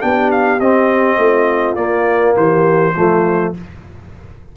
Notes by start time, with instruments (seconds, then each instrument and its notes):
0.00 tuba B3, trombone D4, horn G4, trumpet G5
0.31 trumpet F5
0.60 tuba C4, trombone C4, trumpet D#5
1.17 tuba A3, horn F4
1.75 tuba A#3, trombone A#3, trumpet D5
2.36 tuba E3, horn G4, trumpet C5
2.93 tuba F3, trombone A3, horn F4